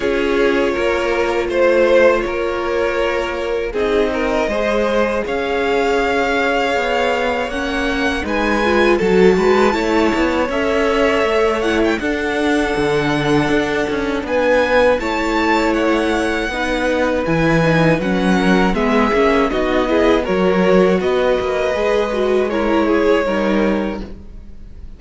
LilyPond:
<<
  \new Staff \with { instrumentName = "violin" } { \time 4/4 \tempo 4 = 80 cis''2 c''4 cis''4~ | cis''4 dis''2 f''4~ | f''2 fis''4 gis''4 | a''2 e''4. fis''16 g''16 |
fis''2. gis''4 | a''4 fis''2 gis''4 | fis''4 e''4 dis''4 cis''4 | dis''2 cis''2 | }
  \new Staff \with { instrumentName = "violin" } { \time 4/4 gis'4 ais'4 c''4 ais'4~ | ais'4 gis'8 ais'8 c''4 cis''4~ | cis''2. b'4 | a'8 b'8 cis''2. |
a'2. b'4 | cis''2 b'2~ | b'8 ais'8 gis'4 fis'8 gis'8 ais'4 | b'2 ais'8 gis'8 ais'4 | }
  \new Staff \with { instrumentName = "viola" } { \time 4/4 f'1~ | f'4 dis'4 gis'2~ | gis'2 cis'4 dis'8 f'8 | fis'4 e'4 a'4. e'8 |
d'1 | e'2 dis'4 e'8 dis'8 | cis'4 b8 cis'8 dis'8 e'8 fis'4~ | fis'4 gis'8 fis'8 e'4 dis'4 | }
  \new Staff \with { instrumentName = "cello" } { \time 4/4 cis'4 ais4 a4 ais4~ | ais4 c'4 gis4 cis'4~ | cis'4 b4 ais4 gis4 | fis8 gis8 a8 b8 cis'4 a4 |
d'4 d4 d'8 cis'8 b4 | a2 b4 e4 | fis4 gis8 ais8 b4 fis4 | b8 ais8 gis2 g4 | }
>>